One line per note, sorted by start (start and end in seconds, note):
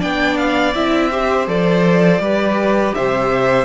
0.00 0.76 B3
0.00 0.73 D4
0.00 1.10 D5
0.00 0.37 G5
0.37 0.74 F5
0.75 1.47 C4
0.75 1.12 E4
0.75 1.48 E5
1.12 1.48 G4
1.12 2.22 C5
1.47 2.20 F3
1.47 2.20 A4
1.47 2.95 D5
2.20 2.93 G3
2.20 3.65 G4
2.20 2.96 B4
2.95 3.65 C3
2.95 3.65 C5
2.95 3.65 E5